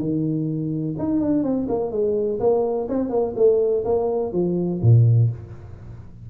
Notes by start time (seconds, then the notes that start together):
0.00 D#3
0.99 D#4
1.21 D4
1.44 C4
1.69 A#3
1.92 G#3
2.40 A#3
2.89 C4
3.10 A#3
3.37 A3
3.85 A#3
4.33 F3
4.82 A#2